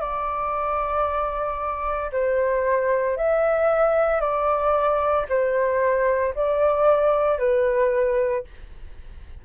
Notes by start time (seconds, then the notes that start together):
0.00 D5
2.11 C5
3.17 E5
4.20 D5
5.29 C5
6.34 D5
7.38 B4